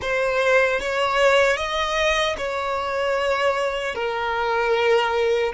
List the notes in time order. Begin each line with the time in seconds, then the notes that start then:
0.01 C5
0.80 C#5
1.56 D#5
2.37 C#5
3.94 A#4